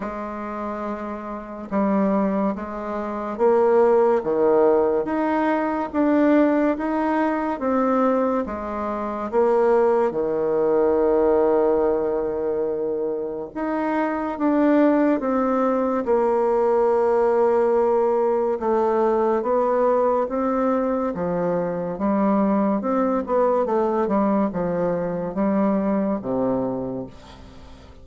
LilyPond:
\new Staff \with { instrumentName = "bassoon" } { \time 4/4 \tempo 4 = 71 gis2 g4 gis4 | ais4 dis4 dis'4 d'4 | dis'4 c'4 gis4 ais4 | dis1 |
dis'4 d'4 c'4 ais4~ | ais2 a4 b4 | c'4 f4 g4 c'8 b8 | a8 g8 f4 g4 c4 | }